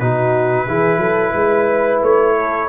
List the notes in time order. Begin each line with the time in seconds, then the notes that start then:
0.00 B2 D#4 F#4 B4
0.67 E3 E4 G#4
0.98 F#3 A4
1.35 G#3 B4
2.03 A3 C#5
2.36 A4